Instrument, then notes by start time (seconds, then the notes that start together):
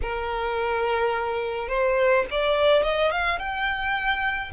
violin
0.02 A#4
1.68 C5
2.31 D5
2.83 D#5
3.11 F5
3.39 G5